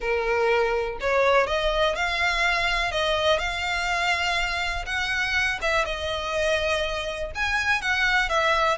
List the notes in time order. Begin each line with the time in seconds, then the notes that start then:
0.00 A#4
1.00 C#5
1.47 D#5
1.95 F5
2.91 D#5
3.38 F5
4.85 F#5
5.61 E5
5.85 D#5
7.34 G#5
7.81 F#5
8.29 E5